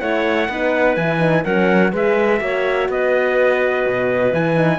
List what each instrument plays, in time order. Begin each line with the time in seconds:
0.00 cello A3, horn E4, clarinet C#5, trumpet F#5
0.49 cello B3, horn D#4, clarinet B4
0.96 cello E3, horn E4, trumpet G#5
1.19 horn D#4
1.44 cello F#3, horn C#4, clarinet A#4, trumpet F#5
1.92 cello G#3, horn G#4, clarinet B4, trumpet E5
2.39 cello A#3, horn F#4, clarinet C#5
2.89 cello B3, clarinet B4, trumpet D#5
3.87 cello B2
4.32 cello E3, horn E4, trumpet G#5
4.56 horn D#4